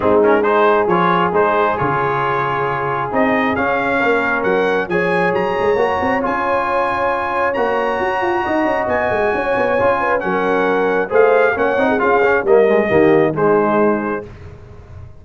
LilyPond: <<
  \new Staff \with { instrumentName = "trumpet" } { \time 4/4 \tempo 4 = 135 gis'8 ais'8 c''4 cis''4 c''4 | cis''2. dis''4 | f''2 fis''4 gis''4 | ais''2 gis''2~ |
gis''4 ais''2. | gis''2. fis''4~ | fis''4 f''4 fis''4 f''4 | dis''2 c''2 | }
  \new Staff \with { instrumentName = "horn" } { \time 4/4 dis'4 gis'2.~ | gis'1~ | gis'4 ais'2 cis''4~ | cis''1~ |
cis''2. dis''4~ | dis''4 cis''4. b'8 ais'4~ | ais'4 c''4 cis''8. gis'4~ gis'16 | ais'4 g'4 dis'2 | }
  \new Staff \with { instrumentName = "trombone" } { \time 4/4 c'8 cis'8 dis'4 f'4 dis'4 | f'2. dis'4 | cis'2. gis'4~ | gis'4 fis'4 f'2~ |
f'4 fis'2.~ | fis'2 f'4 cis'4~ | cis'4 gis'4 cis'8 dis'8 f'8 cis'8 | ais8 gis8 ais4 gis2 | }
  \new Staff \with { instrumentName = "tuba" } { \time 4/4 gis2 f4 gis4 | cis2. c'4 | cis'4 ais4 fis4 f4 | fis8 gis8 ais8 c'8 cis'2~ |
cis'4 ais4 fis'8 f'8 dis'8 cis'8 | b8 gis8 cis'8 b8 cis'4 fis4~ | fis4 a4 ais8 c'8 cis'4 | g4 dis4 gis2 | }
>>